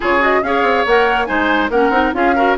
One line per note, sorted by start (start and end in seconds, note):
0.00 0.42 C#3
0.00 0.20 F4
0.00 0.41 G#4
0.00 0.23 C#5
0.20 0.41 F#4
0.20 0.43 D#5
0.42 0.62 C#4
0.42 0.87 G#4
0.42 1.28 C#5
0.42 0.86 F5
0.62 0.83 C4
0.86 1.29 A#3
0.86 1.26 A#4
0.86 1.25 F#5
1.25 1.69 G#3
1.25 1.69 D#4
1.25 1.70 C5
1.25 1.68 G#5
1.69 1.90 A#3
1.69 1.92 C#4
1.69 2.13 A#4
1.69 2.13 F#5
1.90 2.11 C4
1.90 2.13 D#4
2.13 2.56 C#4
2.13 2.35 F4
2.13 2.35 G#4
2.13 2.57 F5
2.35 2.57 F#4
2.35 2.56 A#4